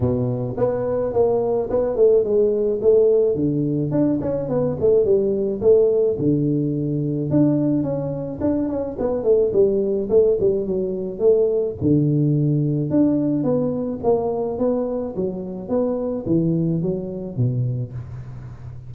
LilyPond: \new Staff \with { instrumentName = "tuba" } { \time 4/4 \tempo 4 = 107 b,4 b4 ais4 b8 a8 | gis4 a4 d4 d'8 cis'8 | b8 a8 g4 a4 d4~ | d4 d'4 cis'4 d'8 cis'8 |
b8 a8 g4 a8 g8 fis4 | a4 d2 d'4 | b4 ais4 b4 fis4 | b4 e4 fis4 b,4 | }